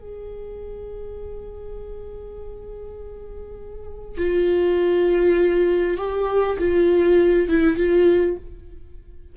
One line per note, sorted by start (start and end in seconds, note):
0.00 4.18 G#4
4.18 5.98 F4
5.98 6.58 G4
6.59 7.49 F4
7.49 7.77 E4
7.77 8.37 F4